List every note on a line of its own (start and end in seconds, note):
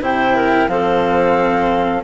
0.00 0.67 C3
0.00 0.69 E4
0.00 0.36 C5
0.00 0.68 G5
0.36 0.69 A#4
0.67 2.02 F3
0.67 2.03 C4
0.67 2.03 A4
0.67 2.03 F5